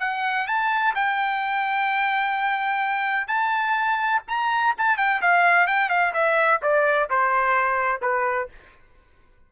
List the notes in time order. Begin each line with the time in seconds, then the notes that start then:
0.00 F#5
0.47 A5
0.95 G5
3.27 A5
4.28 A#5
4.78 A5
4.98 G5
5.22 F5
5.67 G5
5.89 F5
6.14 E5
6.62 D5
7.10 C5
8.02 B4